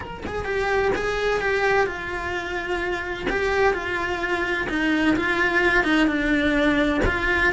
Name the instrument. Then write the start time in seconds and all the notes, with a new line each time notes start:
cello
0.00 A#4
0.26 G#4
0.45 G4
0.95 G#4
1.40 G4
1.86 F4
3.29 G4
3.73 F4
4.69 D#4
5.16 F4
5.84 D#4
6.07 D4
7.05 F4